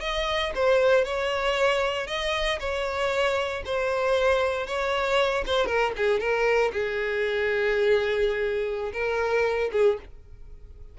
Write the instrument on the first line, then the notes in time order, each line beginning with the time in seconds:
violin
0.00 D#5
0.55 C5
1.04 C#5
2.07 D#5
2.59 C#5
3.65 C5
4.66 C#5
5.46 C5
5.66 A#4
5.96 G#4
6.19 A#4
6.72 G#4
8.93 A#4
9.71 G#4